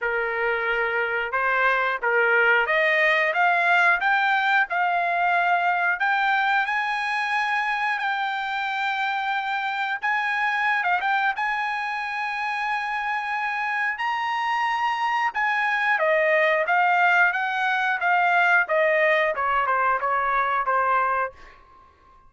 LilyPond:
\new Staff \with { instrumentName = "trumpet" } { \time 4/4 \tempo 4 = 90 ais'2 c''4 ais'4 | dis''4 f''4 g''4 f''4~ | f''4 g''4 gis''2 | g''2. gis''4~ |
gis''16 f''16 g''8 gis''2.~ | gis''4 ais''2 gis''4 | dis''4 f''4 fis''4 f''4 | dis''4 cis''8 c''8 cis''4 c''4 | }